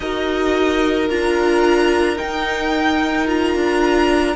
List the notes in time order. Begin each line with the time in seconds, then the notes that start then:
0.00 D#4 F#4 A#4 D#5
1.09 D4 F4 A#5
2.16 D#4 G5
3.26 F4 A#5
3.54 D4